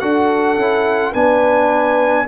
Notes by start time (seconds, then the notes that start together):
0.00 D4 F#4 A4 F#5
0.57 C#4 E4
1.12 B3 D4 B4 G#5